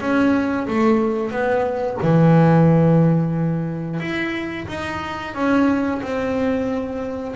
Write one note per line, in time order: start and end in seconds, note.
0.00 0.67 C#4
0.67 1.30 A3
1.30 1.97 B3
2.02 4.00 E3
4.00 4.66 E4
4.68 5.34 D#4
5.34 6.01 C#4
6.02 7.35 C4